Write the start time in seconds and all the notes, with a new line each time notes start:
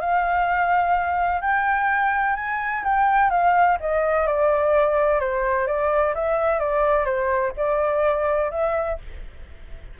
0.00 F5
1.42 G5
2.36 G#5
2.84 G5
3.30 F5
3.80 D#5
4.27 D5
5.20 C5
5.67 D5
6.15 E5
6.59 D5
7.05 C5
7.57 D5
8.51 E5